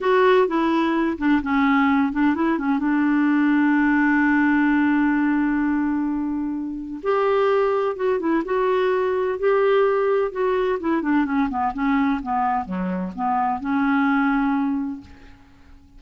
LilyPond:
\new Staff \with { instrumentName = "clarinet" } { \time 4/4 \tempo 4 = 128 fis'4 e'4. d'8 cis'4~ | cis'8 d'8 e'8 cis'8 d'2~ | d'1~ | d'2. g'4~ |
g'4 fis'8 e'8 fis'2 | g'2 fis'4 e'8 d'8 | cis'8 b8 cis'4 b4 fis4 | b4 cis'2. | }